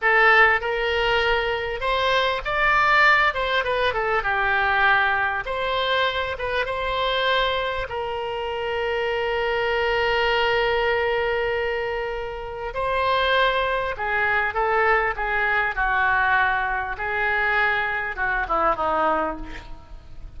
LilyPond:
\new Staff \with { instrumentName = "oboe" } { \time 4/4 \tempo 4 = 99 a'4 ais'2 c''4 | d''4. c''8 b'8 a'8 g'4~ | g'4 c''4. b'8 c''4~ | c''4 ais'2.~ |
ais'1~ | ais'4 c''2 gis'4 | a'4 gis'4 fis'2 | gis'2 fis'8 e'8 dis'4 | }